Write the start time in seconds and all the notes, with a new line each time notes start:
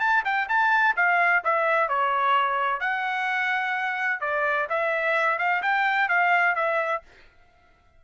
0.00 A5
0.25 G5
0.48 A5
0.96 F5
1.44 E5
1.89 C#5
2.80 F#5
4.20 D5
4.69 E5
5.38 F5
5.62 G5
6.09 F5
6.55 E5